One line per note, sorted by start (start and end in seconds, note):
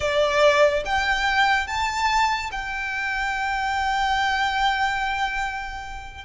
0.00 0.83 D5
0.85 1.67 G5
1.67 2.50 A5
2.51 6.24 G5